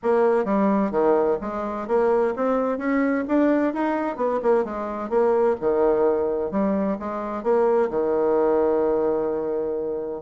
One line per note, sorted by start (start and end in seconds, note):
0.02 0.44 A#3
0.44 0.91 G3
0.91 1.37 D#3
1.41 1.87 G#3
1.87 2.34 A#3
2.36 2.78 C4
2.78 3.24 C#4
3.27 3.73 D4
3.73 4.16 D#4
4.16 4.40 B3
4.42 4.64 A#3
4.64 5.09 G#3
5.09 5.56 A#3
5.60 6.51 D#3
6.51 6.97 G3
6.99 7.43 G#3
7.43 7.89 A#3
7.90 10.22 D#3